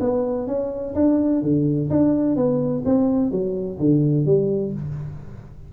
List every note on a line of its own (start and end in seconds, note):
0.00 0.47 B3
0.47 0.94 C#4
0.95 1.42 D4
1.42 1.89 D3
1.90 2.36 D4
2.36 2.83 B3
2.85 3.31 C4
3.31 3.78 F#3
3.79 4.26 D3
4.26 4.73 G3